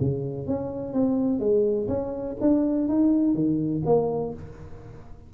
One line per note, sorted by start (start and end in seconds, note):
0.00 0.48 C#3
0.48 0.93 C#4
0.93 1.40 C4
1.40 1.88 G#3
1.88 2.36 C#4
2.41 2.89 D4
2.89 3.34 D#4
3.34 3.82 D#3
3.86 4.34 A#3